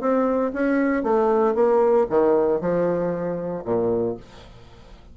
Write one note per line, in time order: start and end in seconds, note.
0.00 0.52 C4
0.53 1.03 C#4
1.03 1.54 A3
1.54 2.06 A#3
2.09 2.60 D#3
2.60 3.64 F3
3.65 4.16 A#2